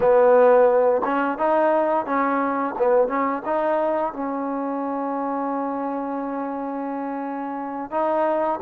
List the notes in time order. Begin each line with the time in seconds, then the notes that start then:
0.00 B3
1.04 C#4
1.38 D#4
2.05 C#4
2.78 B3
3.08 C#4
3.45 D#4
4.13 C#4
7.91 D#4